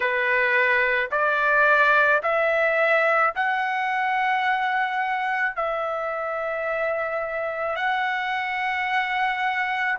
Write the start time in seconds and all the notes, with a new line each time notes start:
0.00 B4
1.11 D5
2.22 E5
3.35 F#5
5.56 E5
7.75 F#5